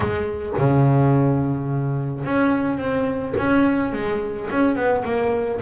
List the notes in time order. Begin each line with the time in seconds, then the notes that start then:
0.00 G#3
0.57 C#3
2.24 C#4
2.78 C4
3.37 C#4
3.93 G#3
4.50 C#4
4.75 B3
5.04 A#3